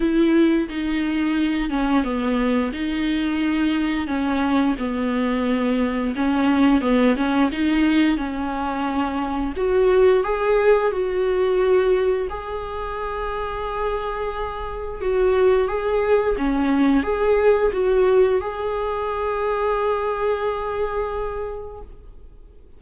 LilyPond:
\new Staff \with { instrumentName = "viola" } { \time 4/4 \tempo 4 = 88 e'4 dis'4. cis'8 b4 | dis'2 cis'4 b4~ | b4 cis'4 b8 cis'8 dis'4 | cis'2 fis'4 gis'4 |
fis'2 gis'2~ | gis'2 fis'4 gis'4 | cis'4 gis'4 fis'4 gis'4~ | gis'1 | }